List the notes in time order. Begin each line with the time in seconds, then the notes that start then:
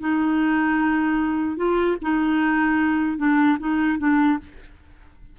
0.00 D#4
1.57 F4
2.01 D#4
3.17 D4
3.59 D#4
3.98 D4